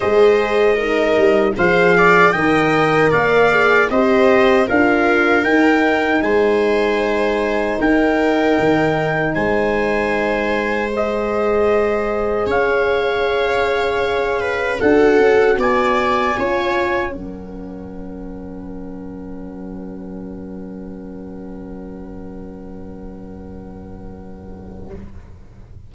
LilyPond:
<<
  \new Staff \with { instrumentName = "trumpet" } { \time 4/4 \tempo 4 = 77 dis''2 f''4 g''4 | f''4 dis''4 f''4 g''4 | gis''2 g''2 | gis''2 dis''2 |
f''2. fis''4 | gis''2 fis''2~ | fis''1~ | fis''1 | }
  \new Staff \with { instrumentName = "viola" } { \time 4/4 c''4 ais'4 c''8 d''8 dis''4 | d''4 c''4 ais'2 | c''2 ais'2 | c''1 |
cis''2~ cis''8 b'8 a'4 | d''4 cis''4 ais'2~ | ais'1~ | ais'1 | }
  \new Staff \with { instrumentName = "horn" } { \time 4/4 gis'4 dis'4 gis'4 ais'4~ | ais'8 gis'8 g'4 f'4 dis'4~ | dis'1~ | dis'2 gis'2~ |
gis'2. fis'4~ | fis'4 f'4 cis'2~ | cis'1~ | cis'1 | }
  \new Staff \with { instrumentName = "tuba" } { \time 4/4 gis4. g8 f4 dis4 | ais4 c'4 d'4 dis'4 | gis2 dis'4 dis4 | gis1 |
cis'2. d'8 cis'8 | b4 cis'4 fis2~ | fis1~ | fis1 | }
>>